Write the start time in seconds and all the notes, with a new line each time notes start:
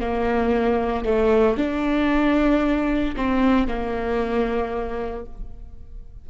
0.00 A#3
1.05 A3
1.57 D4
3.16 C4
3.68 A#3